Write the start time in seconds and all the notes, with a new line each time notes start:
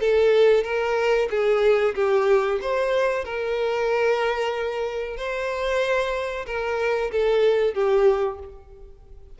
0.00 A4
0.64 A#4
1.30 G#4
1.94 G4
2.61 C5
3.24 A#4
5.17 C5
6.46 A#4
7.11 A4
7.74 G4